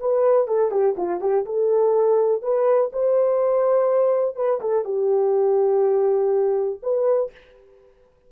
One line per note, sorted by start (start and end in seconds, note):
0.00 0.48 B4
0.48 0.71 A4
0.71 0.96 G4
0.97 1.21 F4
1.21 1.45 G4
1.46 2.43 A4
2.43 2.91 B4
2.93 4.36 C5
4.36 4.61 B4
4.61 4.85 A4
4.85 6.80 G4
6.83 7.32 B4